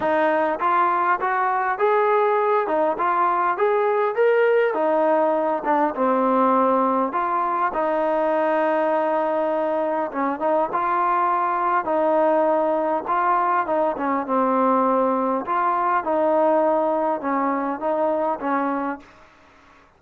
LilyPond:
\new Staff \with { instrumentName = "trombone" } { \time 4/4 \tempo 4 = 101 dis'4 f'4 fis'4 gis'4~ | gis'8 dis'8 f'4 gis'4 ais'4 | dis'4. d'8 c'2 | f'4 dis'2.~ |
dis'4 cis'8 dis'8 f'2 | dis'2 f'4 dis'8 cis'8 | c'2 f'4 dis'4~ | dis'4 cis'4 dis'4 cis'4 | }